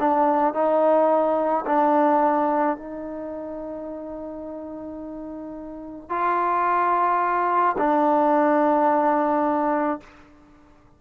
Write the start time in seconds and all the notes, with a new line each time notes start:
0.00 D4
0.54 D#4
1.66 D4
2.77 D#4
6.10 F4
7.78 D4